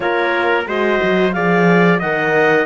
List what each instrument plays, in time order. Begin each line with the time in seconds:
0.00 cello A#3, horn F4, trumpet A#4, clarinet C#5
0.66 cello G#3, horn F#4, trumpet C5, clarinet D#5
1.02 cello F#3
1.32 cello F3, horn G#4, trumpet D5, clarinet F5
1.99 cello D#3, horn A#4, trumpet D#5, clarinet F#5